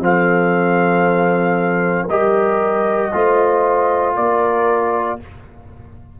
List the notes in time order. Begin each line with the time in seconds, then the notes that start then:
0.00 F3 C4 A4 F5
2.07 G3 G4 A#4 D#5
3.12 A3 F4 C5
4.15 A#3 A#4 D5